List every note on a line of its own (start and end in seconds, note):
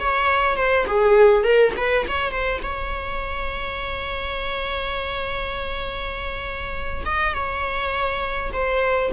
0.00 0.57 C#5
0.57 0.86 C5
0.87 1.44 G#4
1.44 1.73 A#4
1.77 2.07 B4
2.09 2.32 C#5
2.32 2.61 C5
2.63 7.05 C#5
7.06 7.34 D#5
7.34 8.52 C#5
8.53 9.12 C5